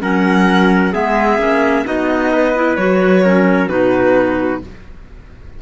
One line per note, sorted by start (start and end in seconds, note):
0.00 0.94 F#3
0.00 0.92 C#4
0.00 0.92 A#4
0.00 0.94 F#5
0.92 1.38 G#3
0.92 1.38 B3
0.92 1.84 G#4
0.92 1.86 E5
1.38 1.84 A#3
1.38 1.84 C#4
1.84 2.77 B3
1.84 2.54 D#4
1.84 2.32 F#4
1.84 2.76 D#5
2.32 3.23 B4
2.54 2.77 E4
2.76 3.68 F#3
2.76 3.23 F#4
2.76 3.68 C#5
3.23 3.68 C#4
3.23 3.69 A#4
3.68 4.60 B2
3.68 4.61 D#4
3.68 4.61 F#4
3.68 4.61 B4